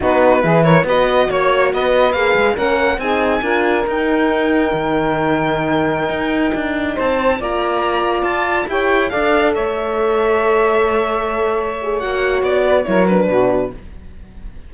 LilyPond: <<
  \new Staff \with { instrumentName = "violin" } { \time 4/4 \tempo 4 = 140 b'4. cis''8 dis''4 cis''4 | dis''4 f''4 fis''4 gis''4~ | gis''4 g''2.~ | g''1~ |
g''16 a''4 ais''2 a''8.~ | a''16 g''4 f''4 e''4.~ e''16~ | e''1 | fis''4 d''4 cis''8 b'4. | }
  \new Staff \with { instrumentName = "saxophone" } { \time 4/4 fis'4 gis'8 ais'8 b'4 cis''4 | b'2 ais'4 gis'4 | ais'1~ | ais'1~ |
ais'16 c''4 d''2~ d''8.~ | d''16 cis''4 d''4 cis''4.~ cis''16~ | cis''1~ | cis''4. b'8 ais'4 fis'4 | }
  \new Staff \with { instrumentName = "horn" } { \time 4/4 dis'4 e'4 fis'2~ | fis'4 gis'4 cis'4 dis'4 | f'4 dis'2.~ | dis'1~ |
dis'4~ dis'16 f'2~ f'8.~ | f'16 g'4 a'2~ a'8.~ | a'2.~ a'8 gis'8 | fis'2 e'8 d'4. | }
  \new Staff \with { instrumentName = "cello" } { \time 4/4 b4 e4 b4 ais4 | b4 ais8 gis8 ais4 c'4 | d'4 dis'2 dis4~ | dis2~ dis16 dis'4 d'8.~ |
d'16 c'4 ais2 f'8.~ | f'16 e'4 d'4 a4.~ a16~ | a1 | ais4 b4 fis4 b,4 | }
>>